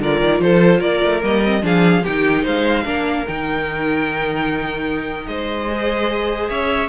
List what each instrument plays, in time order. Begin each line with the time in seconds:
0.00 cello D3, viola F4, violin A#4 D5
0.21 cello D#3
0.40 cello F3, violin A4 C5
0.79 cello A#3, violin A#4 D5
1.03 cello A3
1.22 cello G3, viola A#3, violin D#5
1.45 viola C4
1.62 cello F3, viola D4, violin G#4 F5
2.03 cello D#3, viola D#4, violin G4 G5
2.43 cello G#3, violin C5 F5
2.85 cello A#3, viola D4, violin A#4
3.27 cello D#3, viola D#4, violin G5
5.27 cello G#3, violin C5 D#5
5.69 viola G#4
6.49 cello C#4, violin C#5 E5